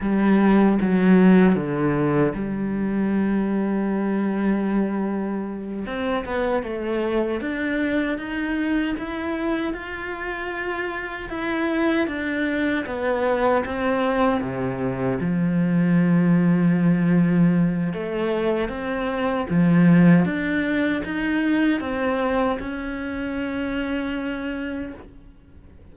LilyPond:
\new Staff \with { instrumentName = "cello" } { \time 4/4 \tempo 4 = 77 g4 fis4 d4 g4~ | g2.~ g8 c'8 | b8 a4 d'4 dis'4 e'8~ | e'8 f'2 e'4 d'8~ |
d'8 b4 c'4 c4 f8~ | f2. a4 | c'4 f4 d'4 dis'4 | c'4 cis'2. | }